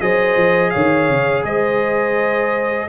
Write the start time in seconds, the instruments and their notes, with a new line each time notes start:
0.00 tuba F#3, trombone G#4, horn C5, trumpet D#5
0.36 tuba F3
0.70 tuba D#3, horn C#5, trumpet F5
1.09 tuba C#3
1.43 tuba G#3, horn C5, trumpet D#5